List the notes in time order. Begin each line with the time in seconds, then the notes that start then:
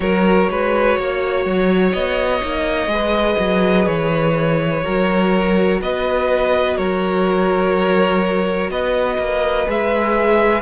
0.00 F#3 F#4 A#4 C#5
0.49 G#3 B4
0.98 A#3 C#5
1.45 F#3
1.93 B3 D#5
2.41 A#3 D#4
2.86 G#3 G#4 B4
3.39 F#3
3.86 E3 C#5
4.82 F#3 F#4 A#4
5.81 B3 B4 D#5
6.76 F#3 A#4 C#5
8.69 B3 B4 D#5
9.18 A#3
9.66 G#3 G#4 E5